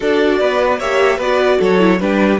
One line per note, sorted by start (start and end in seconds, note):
0.00 0.40 D4
0.00 0.80 F#4
0.00 0.38 A4
0.00 0.80 D5
0.40 0.80 B3
0.40 0.78 B4
0.78 1.18 A#3
0.78 1.20 G4
0.78 1.17 C#5
0.78 1.20 E5
1.17 1.58 B3
1.17 1.79 F#4
1.17 1.57 B4
1.17 1.61 D5
1.58 2.00 F#3
1.58 1.98 A4
1.58 2.00 C#5
1.79 1.99 E4
2.00 2.39 G3
2.00 2.39 D4
2.00 2.39 G4
2.00 2.39 B4